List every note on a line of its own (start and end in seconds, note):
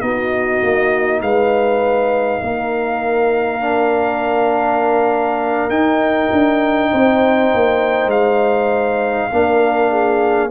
0.00 0.61 B3
0.00 3.60 D#4
0.00 1.22 F#4
0.00 1.20 D#5
0.63 1.21 A#3
1.21 2.41 G#3
1.21 2.40 B4
1.21 5.69 F5
2.40 5.69 A#3
2.40 6.90 A#4
3.60 5.70 D4
5.69 6.29 D#4
5.69 9.30 D#4
5.69 8.09 G5
6.32 6.92 D4
6.91 7.53 C4
6.91 9.30 C5
7.53 8.06 A#3
8.06 9.26 G#3
8.06 10.50 F5
9.31 10.50 A#3
9.31 10.50 D4
9.31 9.89 A#4
9.89 10.49 G#4